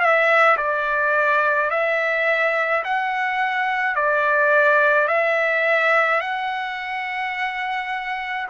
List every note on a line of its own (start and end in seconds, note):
0.00 0.57 E5
0.57 1.70 D5
1.70 2.83 E5
2.84 3.95 F#5
3.95 5.08 D5
5.08 6.21 E5
6.21 8.47 F#5